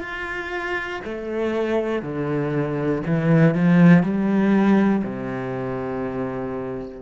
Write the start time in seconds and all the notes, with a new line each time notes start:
0.00 F4
1.05 A3
2.02 D3
3.06 E3
3.54 F3
4.03 G3
5.03 C3